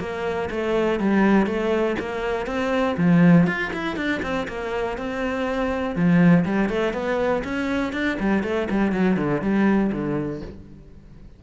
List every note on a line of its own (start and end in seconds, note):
0.00 0.50 A#3
0.51 1.00 A3
1.00 1.47 G3
1.47 1.96 A3
2.00 2.47 A#3
2.47 2.97 C4
2.98 3.47 F3
3.47 3.72 F4
3.74 3.97 E4
3.97 4.21 D4
4.23 4.48 C4
4.48 4.98 A#3
4.98 5.96 C4
5.96 6.45 F3
6.46 6.70 G3
6.70 6.94 A3
6.94 7.43 B3
7.44 7.93 C#4
7.93 8.18 D4
8.20 8.43 G3
8.43 8.68 A3
8.71 8.92 G3
8.92 9.17 F#3
9.17 9.42 D3
9.42 9.92 G3
9.92 10.42 D3